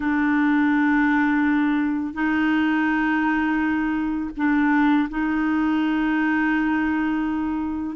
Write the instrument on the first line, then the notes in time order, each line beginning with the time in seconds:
clarinet
0.00 D4
2.13 D#4
4.36 D4
5.09 D#4